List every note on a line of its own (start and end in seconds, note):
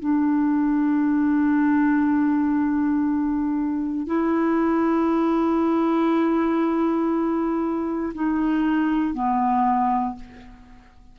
0.00 4.07 D4
4.07 8.14 E4
8.14 9.14 D#4
9.14 10.16 B3